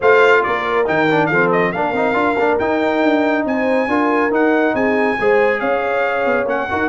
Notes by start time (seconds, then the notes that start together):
0.00 A3 F4 C5 F5
0.43 A#3 A#4 D5
0.85 D#3 D#4 G5
1.10 D4
1.26 F3 A4 F5
1.33 C4
1.52 D#5
1.72 A#3 D4 A#4 F5
1.92 C4 D#4
2.13 D4 F4
2.37 A#3 D4
2.58 D#4 G5
3.03 D4
3.45 C4 C5 G#5
3.87 D4 F4 A#4
4.30 D#4 F#5
4.73 C4 G#4 G#5
5.19 G#3 G#4 C5
5.59 C#4 C#5 F5
6.25 B3
6.44 A#3 C#4 F#5
6.69 D#4 F#4 A#4